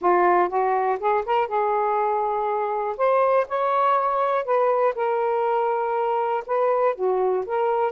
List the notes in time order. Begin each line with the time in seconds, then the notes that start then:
0.01 F4
0.48 F#4
0.99 G#4
1.25 A#4
1.47 G#4
2.97 C5
3.48 C#5
4.44 B4
4.95 A#4
6.46 B4
6.95 F#4
7.46 A#4